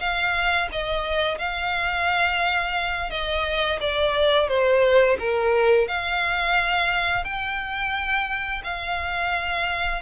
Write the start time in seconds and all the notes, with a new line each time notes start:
0.00 F5
0.72 D#5
1.38 F5
3.11 D#5
3.81 D5
4.48 C5
5.19 A#4
5.88 F5
7.24 G5
8.64 F5